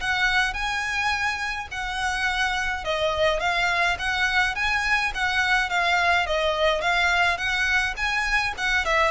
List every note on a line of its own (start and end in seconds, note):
0.00 0.53 F#5
0.53 1.68 G#5
1.71 2.84 F#5
2.84 3.40 D#5
3.40 3.97 F5
3.98 4.55 F#5
4.55 5.12 G#5
5.14 5.69 F#5
5.69 6.26 F5
6.26 6.81 D#5
6.81 7.37 F5
7.37 7.94 F#5
7.97 8.54 G#5
8.57 8.85 F#5
8.85 9.11 E5